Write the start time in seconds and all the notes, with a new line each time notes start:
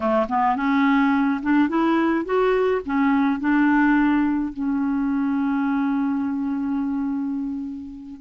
0.00 A3
0.28 B3
0.56 C#4
1.42 D4
1.69 E4
2.25 F#4
2.85 C#4
3.40 D4
4.53 C#4